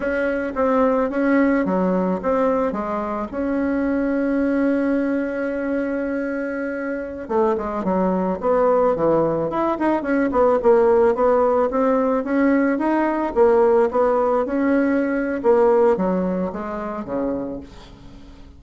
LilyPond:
\new Staff \with { instrumentName = "bassoon" } { \time 4/4 \tempo 4 = 109 cis'4 c'4 cis'4 fis4 | c'4 gis4 cis'2~ | cis'1~ | cis'4~ cis'16 a8 gis8 fis4 b8.~ |
b16 e4 e'8 dis'8 cis'8 b8 ais8.~ | ais16 b4 c'4 cis'4 dis'8.~ | dis'16 ais4 b4 cis'4.~ cis'16 | ais4 fis4 gis4 cis4 | }